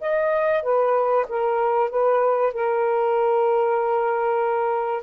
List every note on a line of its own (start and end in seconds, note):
0.00 0.63 D#5
0.63 1.26 B4
1.28 1.89 A#4
1.89 2.53 B4
2.53 5.03 A#4